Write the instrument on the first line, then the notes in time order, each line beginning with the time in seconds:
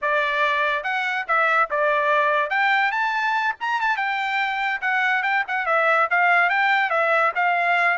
trumpet
0.01 D5
0.83 F#5
1.27 E5
1.70 D5
2.50 G5
2.91 A5
3.60 A#5
3.80 A5
3.97 G5
4.81 F#5
5.22 G5
5.47 F#5
5.65 E5
6.10 F5
6.49 G5
6.90 E5
7.35 F5